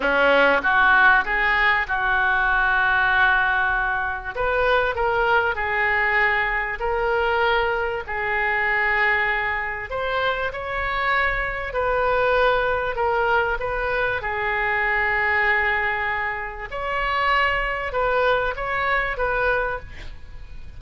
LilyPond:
\new Staff \with { instrumentName = "oboe" } { \time 4/4 \tempo 4 = 97 cis'4 fis'4 gis'4 fis'4~ | fis'2. b'4 | ais'4 gis'2 ais'4~ | ais'4 gis'2. |
c''4 cis''2 b'4~ | b'4 ais'4 b'4 gis'4~ | gis'2. cis''4~ | cis''4 b'4 cis''4 b'4 | }